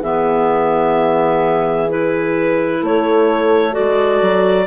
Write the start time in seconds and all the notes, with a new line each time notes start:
0.00 E3 B3 G#4 E5
1.89 E4 B4
2.82 A3 A4 C#5
3.72 F#4 D5
3.79 G#3
4.22 F#3